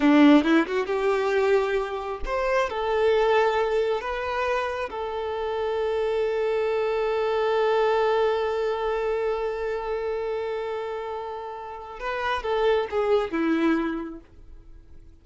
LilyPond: \new Staff \with { instrumentName = "violin" } { \time 4/4 \tempo 4 = 135 d'4 e'8 fis'8 g'2~ | g'4 c''4 a'2~ | a'4 b'2 a'4~ | a'1~ |
a'1~ | a'1~ | a'2. b'4 | a'4 gis'4 e'2 | }